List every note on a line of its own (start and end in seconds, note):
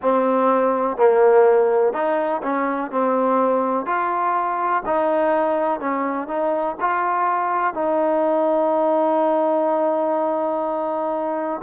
0.02 0.97 C4
0.97 1.93 A#3
1.93 2.41 D#4
2.42 2.91 C#4
2.91 3.86 C4
3.86 4.83 F4
4.85 5.80 D#4
5.80 6.27 C#4
6.27 6.76 D#4
6.80 7.74 F4
7.74 11.61 D#4